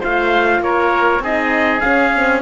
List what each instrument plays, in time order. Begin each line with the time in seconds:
0.00 cello A3, horn F4, oboe C5, trumpet F5
0.60 cello A#3, oboe A#4, trumpet C#5
1.19 cello C4, horn D#4, oboe G#4, trumpet D#5
1.80 horn C#4, cello C#4, trumpet F5
2.15 horn C4